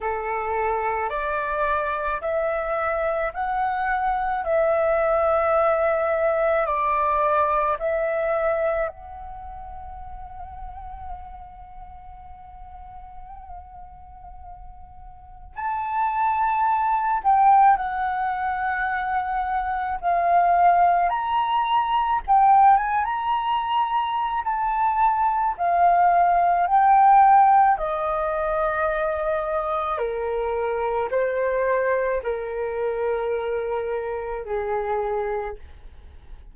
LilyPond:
\new Staff \with { instrumentName = "flute" } { \time 4/4 \tempo 4 = 54 a'4 d''4 e''4 fis''4 | e''2 d''4 e''4 | fis''1~ | fis''2 a''4. g''8 |
fis''2 f''4 ais''4 | g''8 gis''16 ais''4~ ais''16 a''4 f''4 | g''4 dis''2 ais'4 | c''4 ais'2 gis'4 | }